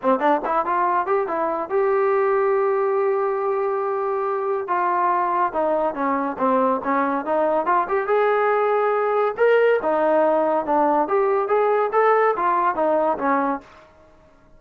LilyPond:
\new Staff \with { instrumentName = "trombone" } { \time 4/4 \tempo 4 = 141 c'8 d'8 e'8 f'4 g'8 e'4 | g'1~ | g'2. f'4~ | f'4 dis'4 cis'4 c'4 |
cis'4 dis'4 f'8 g'8 gis'4~ | gis'2 ais'4 dis'4~ | dis'4 d'4 g'4 gis'4 | a'4 f'4 dis'4 cis'4 | }